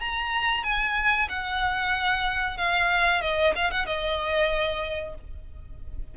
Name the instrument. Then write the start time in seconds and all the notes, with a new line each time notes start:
violin
0.00 A#5
0.63 G#5
1.28 F#5
2.57 F5
3.21 D#5
3.55 F5
3.70 F#5
3.85 D#5